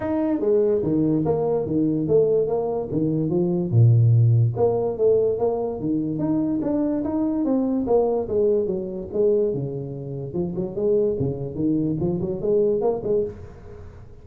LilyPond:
\new Staff \with { instrumentName = "tuba" } { \time 4/4 \tempo 4 = 145 dis'4 gis4 dis4 ais4 | dis4 a4 ais4 dis4 | f4 ais,2 ais4 | a4 ais4 dis4 dis'4 |
d'4 dis'4 c'4 ais4 | gis4 fis4 gis4 cis4~ | cis4 f8 fis8 gis4 cis4 | dis4 f8 fis8 gis4 ais8 gis8 | }